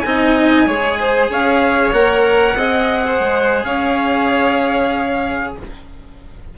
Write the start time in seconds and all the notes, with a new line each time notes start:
0.00 C4 D#4 D#5 G#5
0.66 G#3 G#4 C#5
0.99 C5
1.29 C#4 C#5 F5
1.92 A#3 A#4 F#5
2.55 C4 G#4 D#5
3.06 C5
3.19 G#3
3.64 C#4 C#5 F5